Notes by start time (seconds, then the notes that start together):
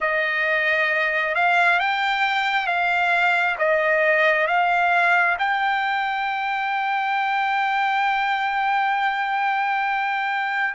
0.00 D#5
1.34 F5
1.79 G5
2.66 F5
3.58 D#5
4.47 F5
5.38 G5